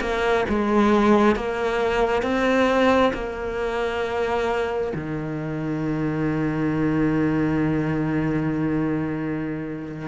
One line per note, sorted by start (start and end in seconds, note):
0.00 0.45 A#3
0.48 1.35 G#3
1.35 2.22 A#3
2.22 3.12 C4
3.13 4.93 A#3
4.95 10.08 D#3